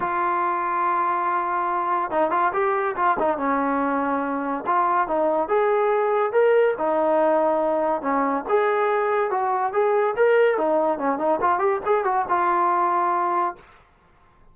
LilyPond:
\new Staff \with { instrumentName = "trombone" } { \time 4/4 \tempo 4 = 142 f'1~ | f'4 dis'8 f'8 g'4 f'8 dis'8 | cis'2. f'4 | dis'4 gis'2 ais'4 |
dis'2. cis'4 | gis'2 fis'4 gis'4 | ais'4 dis'4 cis'8 dis'8 f'8 g'8 | gis'8 fis'8 f'2. | }